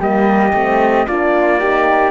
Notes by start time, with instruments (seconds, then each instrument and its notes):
0.00 cello G3, horn A#3, flute G4, trumpet D#5
0.54 cello A3, horn C4
1.07 cello A#3, horn D4, flute F4, trumpet D5
1.59 horn D#4, flute G4